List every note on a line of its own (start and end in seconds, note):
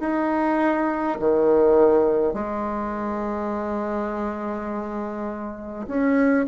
0.00 1.18 D#4
1.20 2.34 D#3
2.34 5.87 G#3
5.87 6.46 C#4